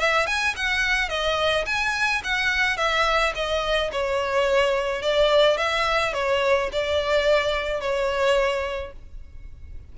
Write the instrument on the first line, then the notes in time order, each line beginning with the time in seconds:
violin
0.00 E5
0.27 G#5
0.56 F#5
1.09 D#5
1.66 G#5
2.24 F#5
2.77 E5
3.35 D#5
3.92 C#5
5.02 D5
5.57 E5
6.14 C#5
6.72 D5
7.80 C#5